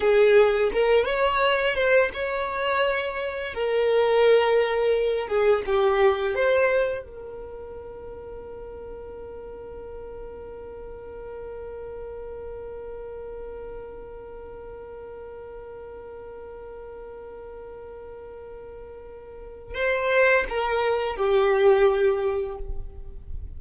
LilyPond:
\new Staff \with { instrumentName = "violin" } { \time 4/4 \tempo 4 = 85 gis'4 ais'8 cis''4 c''8 cis''4~ | cis''4 ais'2~ ais'8 gis'8 | g'4 c''4 ais'2~ | ais'1~ |
ais'1~ | ais'1~ | ais'1 | c''4 ais'4 g'2 | }